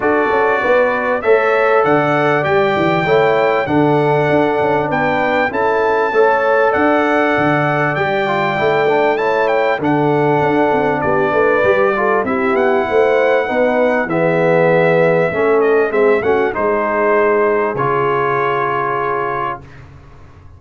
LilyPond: <<
  \new Staff \with { instrumentName = "trumpet" } { \time 4/4 \tempo 4 = 98 d''2 e''4 fis''4 | g''2 fis''2 | g''4 a''2 fis''4~ | fis''4 g''2 a''8 g''8 |
fis''2 d''2 | e''8 fis''2~ fis''8 e''4~ | e''4. dis''8 e''8 fis''8 c''4~ | c''4 cis''2. | }
  \new Staff \with { instrumentName = "horn" } { \time 4/4 a'4 b'4 cis''4 d''4~ | d''4 cis''4 a'2 | b'4 a'4 cis''4 d''4~ | d''2. cis''4 |
a'2 g'8 b'4 a'8 | g'4 c''4 b'4 gis'4~ | gis'4 a'4 gis'8 fis'8 gis'4~ | gis'1 | }
  \new Staff \with { instrumentName = "trombone" } { \time 4/4 fis'2 a'2 | g'4 e'4 d'2~ | d'4 e'4 a'2~ | a'4 g'8 f'8 e'8 d'8 e'4 |
d'2. g'8 f'8 | e'2 dis'4 b4~ | b4 cis'4 c'8 cis'8 dis'4~ | dis'4 f'2. | }
  \new Staff \with { instrumentName = "tuba" } { \time 4/4 d'8 cis'8 b4 a4 d4 | g8 e8 a4 d4 d'8 cis'8 | b4 cis'4 a4 d'4 | d4 g4 a2 |
d4 d'8 c'8 b8 a8 g4 | c'8 b8 a4 b4 e4~ | e4 a4 gis8 a8 gis4~ | gis4 cis2. | }
>>